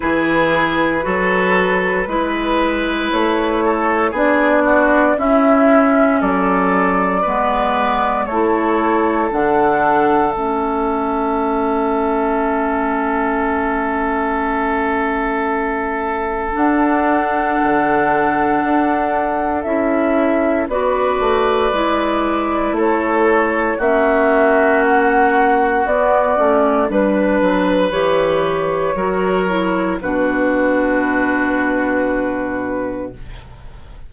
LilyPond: <<
  \new Staff \with { instrumentName = "flute" } { \time 4/4 \tempo 4 = 58 b'2. cis''4 | d''4 e''4 d''2 | cis''4 fis''4 e''2~ | e''1 |
fis''2. e''4 | d''2 cis''4 e''4 | fis''4 d''4 b'4 cis''4~ | cis''4 b'2. | }
  \new Staff \with { instrumentName = "oboe" } { \time 4/4 gis'4 a'4 b'4. a'8 | gis'8 fis'8 e'4 a'4 b'4 | a'1~ | a'1~ |
a'1 | b'2 a'4 fis'4~ | fis'2 b'2 | ais'4 fis'2. | }
  \new Staff \with { instrumentName = "clarinet" } { \time 4/4 e'4 fis'4 e'2 | d'4 cis'2 b4 | e'4 d'4 cis'2~ | cis'1 |
d'2. e'4 | fis'4 e'2 cis'4~ | cis'4 b8 cis'8 d'4 g'4 | fis'8 e'8 d'2. | }
  \new Staff \with { instrumentName = "bassoon" } { \time 4/4 e4 fis4 gis4 a4 | b4 cis'4 fis4 gis4 | a4 d4 a2~ | a1 |
d'4 d4 d'4 cis'4 | b8 a8 gis4 a4 ais4~ | ais4 b8 a8 g8 fis8 e4 | fis4 b,2. | }
>>